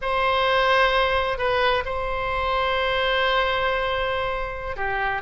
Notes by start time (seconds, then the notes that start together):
0.01 C5
1.38 B4
1.85 C5
4.76 G4